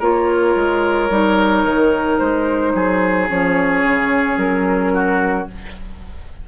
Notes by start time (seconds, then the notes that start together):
0.00 A#3 F4 A#4 C#5
0.56 G#3
1.10 G3 D#4
1.65 D#3
2.19 G#3 C5
2.75 F#3 G#4
3.29 F3 C#4 C#5
3.84 C#3
4.37 F#3 A#4
4.94 F#4